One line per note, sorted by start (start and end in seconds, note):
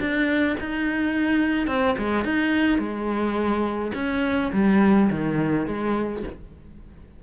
0.00 0.57 D4
0.60 1.67 D#4
1.67 1.96 C4
1.98 2.25 G#3
2.25 2.79 D#4
2.79 3.92 G#3
3.95 4.51 C#4
4.53 5.10 G3
5.10 5.67 D#3
5.67 6.23 G#3